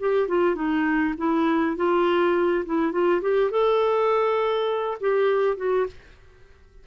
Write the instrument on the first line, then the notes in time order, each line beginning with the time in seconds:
clarinet
0.00 G4
0.28 F4
0.56 D#4
1.18 E4
1.77 F4
2.66 E4
2.92 F4
3.22 G4
3.51 A4
5.01 G4
5.57 F#4